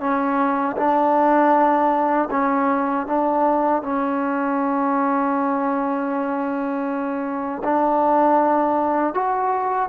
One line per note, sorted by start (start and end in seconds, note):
0.00 0.76 C#4
0.77 2.29 D4
2.31 3.07 C#4
3.07 3.83 D4
3.83 7.63 C#4
7.64 9.14 D4
9.14 9.89 F#4